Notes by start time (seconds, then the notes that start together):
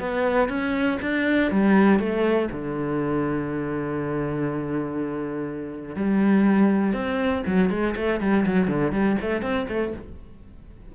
0.00 B3
0.49 C#4
1.02 D4
1.51 G3
1.99 A3
2.52 D3
5.96 G3
6.94 C4
7.47 F#3
7.70 G#3
7.97 A3
8.21 G3
8.46 F#3
8.68 D3
8.93 G3
9.22 A3
9.42 C4
9.69 A3